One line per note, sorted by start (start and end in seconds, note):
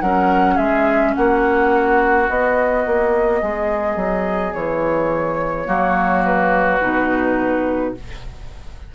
0.00 0.57 F#3
0.00 2.26 C#4
0.00 0.54 A#4
0.00 0.57 F#5
0.54 1.14 G#3
0.54 1.11 G#4
0.54 1.13 E5
1.14 2.29 A#3
1.14 3.40 F#4
1.14 2.28 F#5
2.26 5.66 B3
2.26 2.85 B3
2.26 4.53 D#5
2.86 3.42 A#3
3.40 3.95 G#3
3.40 5.66 G#4
3.95 4.52 F#3
4.53 5.67 E3
4.53 6.23 C#5
5.66 6.80 F#3
5.66 6.79 A#3
5.66 7.92 F#4
6.25 7.94 B4
6.81 7.94 B2
6.81 7.94 D#4